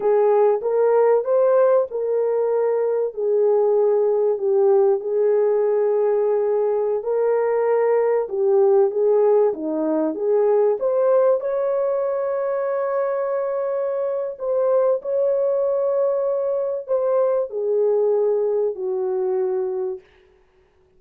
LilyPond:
\new Staff \with { instrumentName = "horn" } { \time 4/4 \tempo 4 = 96 gis'4 ais'4 c''4 ais'4~ | ais'4 gis'2 g'4 | gis'2.~ gis'16 ais'8.~ | ais'4~ ais'16 g'4 gis'4 dis'8.~ |
dis'16 gis'4 c''4 cis''4.~ cis''16~ | cis''2. c''4 | cis''2. c''4 | gis'2 fis'2 | }